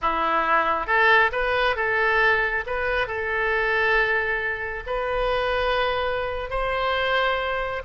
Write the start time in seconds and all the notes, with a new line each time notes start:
0.01 E4
0.86 A4
1.31 B4
1.76 A4
2.66 B4
3.07 A4
4.86 B4
6.50 C5